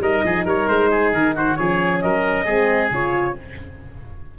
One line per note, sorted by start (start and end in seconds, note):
0.00 0.22 G3
0.00 1.59 D#4
0.00 0.25 A#4
0.00 0.47 D#5
0.25 0.46 F3
0.25 0.46 G#4
0.46 0.68 G3
0.46 0.90 A#4
0.46 0.68 C#5
0.68 1.13 G#3
0.68 1.13 C5
0.91 1.35 G#4
1.14 1.58 D#3
1.14 1.36 A#4
1.35 1.58 F#4
1.35 1.56 C5
1.56 2.04 F3
1.56 2.47 C#4
1.56 2.04 G#4
1.56 2.01 C#5
2.02 2.46 F#3
2.02 2.45 A#4
2.02 2.92 D#5
2.45 2.91 G#3
2.45 2.91 C4
2.45 3.35 G#4
2.91 3.36 C#3
2.91 3.38 F4
2.91 3.39 C#5